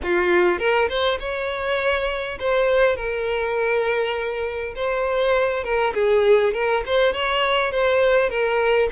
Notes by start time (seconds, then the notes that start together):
0.03 F4
0.58 A#4
0.89 C5
1.19 C#5
2.39 C5
2.95 A#4
4.75 C5
5.64 A#4
5.94 G#4
6.53 A#4
6.86 C5
7.13 C#5
7.71 C5
8.29 A#4